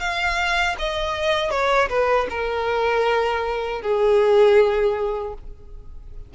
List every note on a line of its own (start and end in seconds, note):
0.00 0.76 F5
0.79 1.51 D#5
1.51 1.89 C#5
1.89 2.27 B4
2.30 3.82 A#4
3.82 5.34 G#4